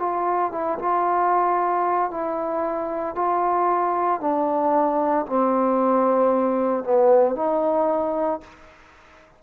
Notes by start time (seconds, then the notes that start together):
0.00 F4
0.52 E4
0.79 F4
2.11 E4
3.16 F4
4.21 D4
5.26 C4
6.84 B3
7.36 D#4